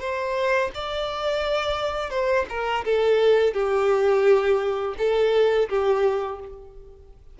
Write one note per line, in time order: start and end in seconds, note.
0.00 0.71 C5
0.74 2.10 D5
2.10 2.45 C5
2.49 2.84 A#4
2.85 3.54 A4
3.54 4.95 G4
4.98 5.69 A4
5.69 6.40 G4